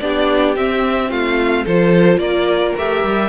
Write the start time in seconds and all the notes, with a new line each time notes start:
0.00 B3 D4 G4 D5
0.56 C4 E5
1.10 A3 F4 F5
1.65 F3 F4 A4 C5
2.18 A#3 A#4 D5
2.78 A3 G4 E5
3.04 G3